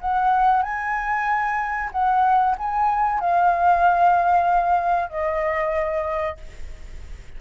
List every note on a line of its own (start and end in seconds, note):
0.00 0.62 F#5
0.62 1.90 G#5
1.91 2.55 F#5
2.58 3.19 G#5
3.19 5.09 F5
5.09 6.37 D#5